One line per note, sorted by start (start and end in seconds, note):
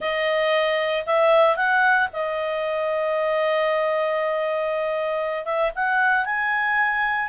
0.00 1.05 D#5
1.06 1.56 E5
1.56 2.08 F#5
2.12 5.45 D#5
5.45 5.71 E5
5.75 6.25 F#5
6.25 7.28 G#5